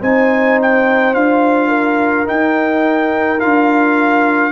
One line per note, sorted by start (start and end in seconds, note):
0.00 1.14 C4
0.00 1.14 D#4
0.00 1.68 C5
0.00 0.59 G#5
0.62 1.14 G5
1.14 2.27 D4
1.14 2.25 F4
1.14 2.27 F5
1.68 4.51 A#4
2.25 3.38 D#4
2.25 3.43 D#4
2.25 3.40 G5
3.39 4.52 D4
3.39 4.52 F4
3.39 4.52 F5